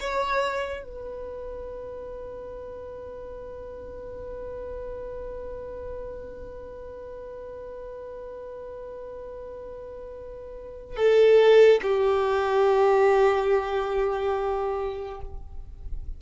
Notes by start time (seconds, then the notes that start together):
0.00 C#5
0.84 B4
10.96 A4
11.83 G4